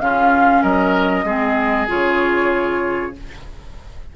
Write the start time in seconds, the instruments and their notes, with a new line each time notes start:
0.00 bassoon C#3, clarinet C#4, oboe F4, flute F5
0.62 bassoon F#3, oboe A#4, flute D#5
1.24 bassoon G#3, clarinet C4, oboe G#4
1.88 bassoon C#3, clarinet F4, flute C#5